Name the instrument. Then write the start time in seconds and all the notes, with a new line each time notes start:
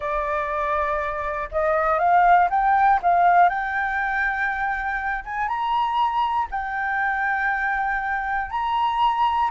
flute
0.00 D5
1.51 D#5
1.98 F5
2.50 G5
3.02 F5
3.49 G5
5.25 G#5
5.47 A#5
6.50 G5
8.50 A#5